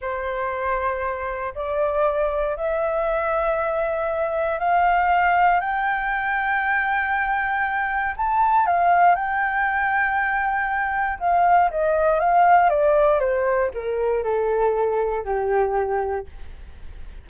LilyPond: \new Staff \with { instrumentName = "flute" } { \time 4/4 \tempo 4 = 118 c''2. d''4~ | d''4 e''2.~ | e''4 f''2 g''4~ | g''1 |
a''4 f''4 g''2~ | g''2 f''4 dis''4 | f''4 d''4 c''4 ais'4 | a'2 g'2 | }